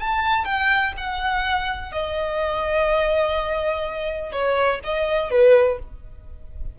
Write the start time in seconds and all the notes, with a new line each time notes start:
0.00 A5
0.45 G5
0.98 F#5
1.93 D#5
4.32 C#5
4.84 D#5
5.31 B4